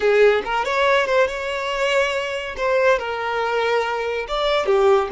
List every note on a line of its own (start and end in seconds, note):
0.00 0.42 G#4
0.44 0.65 A#4
0.65 1.06 C#5
1.06 1.27 C5
1.27 2.55 C#5
2.56 2.98 C5
2.98 4.26 A#4
4.28 4.66 D5
4.66 5.08 G4